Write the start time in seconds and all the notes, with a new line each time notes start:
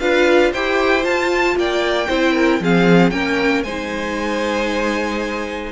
0.00 D4 F4 B4 F5
0.52 E4 G4 C5 G5
1.02 F4 A5
1.56 A#3 D5 G5
2.08 C4 E4 C5
2.33 A#4
2.61 F3 C4 G#4 F5
3.11 A#3 C#4 A#4 G5
3.63 G#3 D#4 C5 G#5